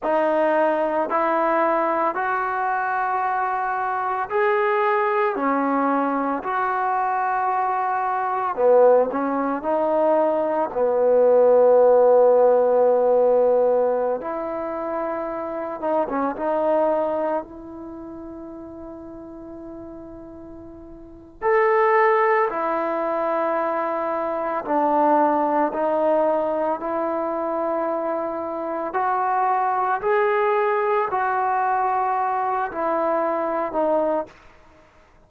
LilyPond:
\new Staff \with { instrumentName = "trombone" } { \time 4/4 \tempo 4 = 56 dis'4 e'4 fis'2 | gis'4 cis'4 fis'2 | b8 cis'8 dis'4 b2~ | b4~ b16 e'4. dis'16 cis'16 dis'8.~ |
dis'16 e'2.~ e'8. | a'4 e'2 d'4 | dis'4 e'2 fis'4 | gis'4 fis'4. e'4 dis'8 | }